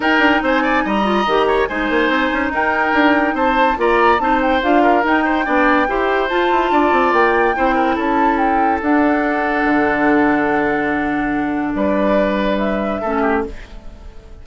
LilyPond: <<
  \new Staff \with { instrumentName = "flute" } { \time 4/4 \tempo 4 = 143 g''4 gis''4 ais''2 | gis''2 g''2 | a''4 ais''4 a''8 g''8 f''4 | g''2. a''4~ |
a''4 g''2 a''4 | g''4 fis''2.~ | fis''1 | d''2 e''2 | }
  \new Staff \with { instrumentName = "oboe" } { \time 4/4 ais'4 c''8 d''8 dis''4. cis''8 | c''2 ais'2 | c''4 d''4 c''4. ais'8~ | ais'8 c''8 d''4 c''2 |
d''2 c''8 ais'8 a'4~ | a'1~ | a'1 | b'2. a'8 g'8 | }
  \new Staff \with { instrumentName = "clarinet" } { \time 4/4 dis'2~ dis'8 f'8 g'4 | dis'1~ | dis'4 f'4 dis'4 f'4 | dis'4 d'4 g'4 f'4~ |
f'2 e'2~ | e'4 d'2.~ | d'1~ | d'2. cis'4 | }
  \new Staff \with { instrumentName = "bassoon" } { \time 4/4 dis'8 d'8 c'4 g4 dis4 | gis8 ais8 c'8 cis'8 dis'4 d'4 | c'4 ais4 c'4 d'4 | dis'4 b4 e'4 f'8 e'8 |
d'8 c'8 ais4 c'4 cis'4~ | cis'4 d'2 d4~ | d1 | g2. a4 | }
>>